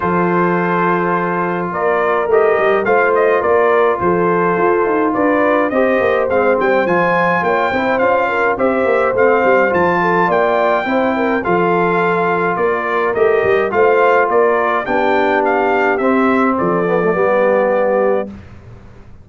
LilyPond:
<<
  \new Staff \with { instrumentName = "trumpet" } { \time 4/4 \tempo 4 = 105 c''2. d''4 | dis''4 f''8 dis''8 d''4 c''4~ | c''4 d''4 dis''4 f''8 g''8 | gis''4 g''4 f''4 e''4 |
f''4 a''4 g''2 | f''2 d''4 dis''4 | f''4 d''4 g''4 f''4 | e''4 d''2. | }
  \new Staff \with { instrumentName = "horn" } { \time 4/4 a'2. ais'4~ | ais'4 c''4 ais'4 a'4~ | a'4 b'4 c''2~ | c''4 cis''8 c''4 ais'8 c''4~ |
c''4. a'8 d''4 c''8 ais'8 | a'2 ais'2 | c''4 ais'4 g'2~ | g'4 a'4 g'2 | }
  \new Staff \with { instrumentName = "trombone" } { \time 4/4 f'1 | g'4 f'2.~ | f'2 g'4 c'4 | f'4. e'8 f'4 g'4 |
c'4 f'2 e'4 | f'2. g'4 | f'2 d'2 | c'4. b16 a16 b2 | }
  \new Staff \with { instrumentName = "tuba" } { \time 4/4 f2. ais4 | a8 g8 a4 ais4 f4 | f'8 dis'8 d'4 c'8 ais8 gis8 g8 | f4 ais8 c'8 cis'4 c'8 ais8 |
a8 g8 f4 ais4 c'4 | f2 ais4 a8 g8 | a4 ais4 b2 | c'4 f4 g2 | }
>>